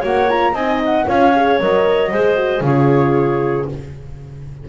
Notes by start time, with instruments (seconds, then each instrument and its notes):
0.00 double bass A#3, horn F#4, clarinet C#5, flute F#5
0.29 horn F4, flute A#5
0.53 double bass C4, horn D#4, clarinet D#5, flute G#5
0.85 flute F#5
1.07 double bass C#4, horn F4, clarinet C#5, flute F5
1.35 horn G#4
1.60 double bass F#3, horn A#4, flute D#5
2.11 double bass G#3, horn G#4, clarinet C5
2.36 horn F#4
2.61 double bass C#3, horn F4, clarinet G#4, flute C#5